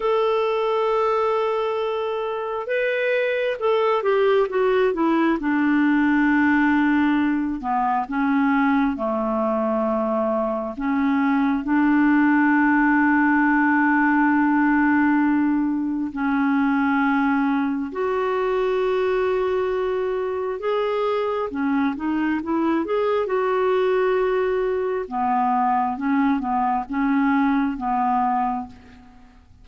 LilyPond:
\new Staff \with { instrumentName = "clarinet" } { \time 4/4 \tempo 4 = 67 a'2. b'4 | a'8 g'8 fis'8 e'8 d'2~ | d'8 b8 cis'4 a2 | cis'4 d'2.~ |
d'2 cis'2 | fis'2. gis'4 | cis'8 dis'8 e'8 gis'8 fis'2 | b4 cis'8 b8 cis'4 b4 | }